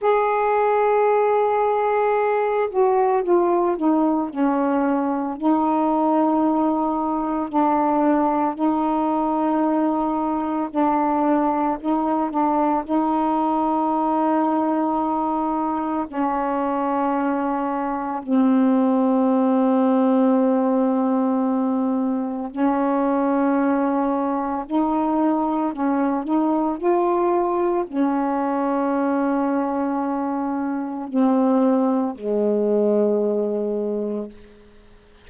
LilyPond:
\new Staff \with { instrumentName = "saxophone" } { \time 4/4 \tempo 4 = 56 gis'2~ gis'8 fis'8 f'8 dis'8 | cis'4 dis'2 d'4 | dis'2 d'4 dis'8 d'8 | dis'2. cis'4~ |
cis'4 c'2.~ | c'4 cis'2 dis'4 | cis'8 dis'8 f'4 cis'2~ | cis'4 c'4 gis2 | }